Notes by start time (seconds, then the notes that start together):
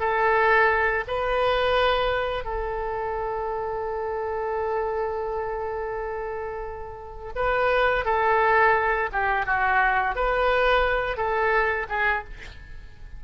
0.00 A4
1.08 B4
2.45 A4
7.36 B4
8.05 A4
9.13 G4
9.46 F#4
10.16 B4
11.17 A4
11.90 G#4